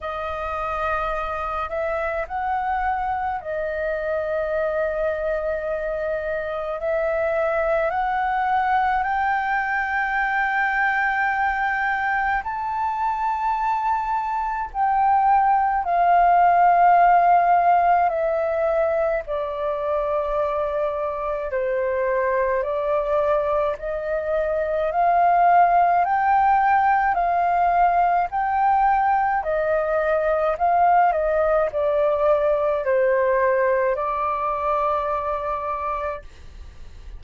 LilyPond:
\new Staff \with { instrumentName = "flute" } { \time 4/4 \tempo 4 = 53 dis''4. e''8 fis''4 dis''4~ | dis''2 e''4 fis''4 | g''2. a''4~ | a''4 g''4 f''2 |
e''4 d''2 c''4 | d''4 dis''4 f''4 g''4 | f''4 g''4 dis''4 f''8 dis''8 | d''4 c''4 d''2 | }